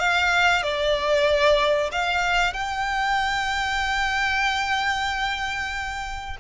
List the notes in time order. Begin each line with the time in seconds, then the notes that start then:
0.00 F5
0.63 D5
1.92 F5
2.54 G5